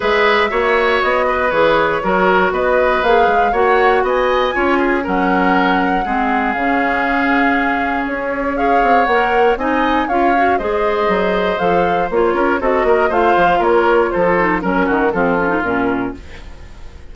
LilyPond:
<<
  \new Staff \with { instrumentName = "flute" } { \time 4/4 \tempo 4 = 119 e''2 dis''4 cis''4~ | cis''4 dis''4 f''4 fis''4 | gis''2 fis''2~ | fis''4 f''2. |
cis''4 f''4 fis''4 gis''4 | f''4 dis''2 f''4 | cis''4 dis''4 f''4 cis''4 | c''4 ais'4 a'4 ais'4 | }
  \new Staff \with { instrumentName = "oboe" } { \time 4/4 b'4 cis''4. b'4. | ais'4 b'2 cis''4 | dis''4 cis''8 gis'8 ais'2 | gis'1~ |
gis'4 cis''2 dis''4 | cis''4 c''2.~ | c''8 ais'8 a'8 ais'8 c''4 ais'4 | a'4 ais'8 fis'8 f'2 | }
  \new Staff \with { instrumentName = "clarinet" } { \time 4/4 gis'4 fis'2 gis'4 | fis'2 gis'4 fis'4~ | fis'4 f'4 cis'2 | c'4 cis'2.~ |
cis'4 gis'4 ais'4 dis'4 | f'8 fis'8 gis'2 a'4 | f'4 fis'4 f'2~ | f'8 dis'8 cis'4 c'8 cis'16 dis'16 cis'4 | }
  \new Staff \with { instrumentName = "bassoon" } { \time 4/4 gis4 ais4 b4 e4 | fis4 b4 ais8 gis8 ais4 | b4 cis'4 fis2 | gis4 cis2. |
cis'4. c'8 ais4 c'4 | cis'4 gis4 fis4 f4 | ais8 cis'8 c'8 ais8 a8 f8 ais4 | f4 fis8 dis8 f4 ais,4 | }
>>